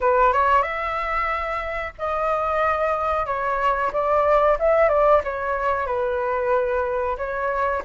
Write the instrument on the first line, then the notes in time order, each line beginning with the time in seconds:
flute
0.00 B4
0.33 C#5
0.62 E5
1.98 D#5
3.25 C#5
3.92 D5
4.59 E5
4.89 D5
5.24 C#5
5.86 B4
7.17 C#5